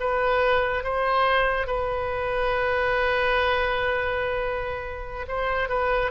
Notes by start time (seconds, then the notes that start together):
0.00 B4
0.83 C5
1.67 B4
5.28 C5
5.69 B4